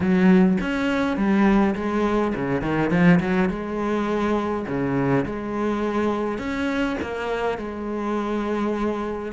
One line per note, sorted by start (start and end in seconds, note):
0.00 0.57 F#3
0.60 1.16 C#4
1.16 1.74 G3
1.75 2.33 G#3
2.35 2.61 C#3
2.61 2.90 D#3
2.90 3.19 F3
3.20 3.49 F#3
3.49 4.65 G#3
4.67 5.25 C#3
5.25 6.38 G#3
6.38 6.96 C#4
7.01 7.58 A#3
7.58 9.32 G#3